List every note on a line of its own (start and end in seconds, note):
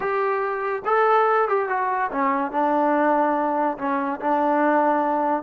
0.00 0.82 G4
0.85 1.48 A4
1.48 1.68 G4
1.68 2.10 F#4
2.11 2.51 C#4
2.51 3.77 D4
3.78 4.20 C#4
4.20 5.42 D4